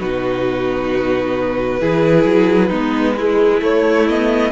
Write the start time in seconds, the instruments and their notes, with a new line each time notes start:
0.00 cello B2, viola D#4, violin F#4 B4
1.80 cello E3, viola E4, violin G#4
2.25 cello F#3
2.69 cello G#3, viola B3, violin D#4
3.17 viola G#3, violin E4
3.61 viola A3, cello A3, violin C#5
4.08 viola B3, violin D#5